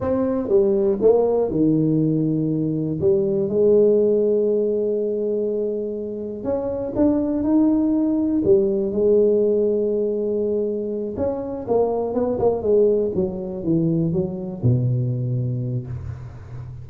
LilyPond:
\new Staff \with { instrumentName = "tuba" } { \time 4/4 \tempo 4 = 121 c'4 g4 ais4 dis4~ | dis2 g4 gis4~ | gis1~ | gis4 cis'4 d'4 dis'4~ |
dis'4 g4 gis2~ | gis2~ gis8 cis'4 ais8~ | ais8 b8 ais8 gis4 fis4 e8~ | e8 fis4 b,2~ b,8 | }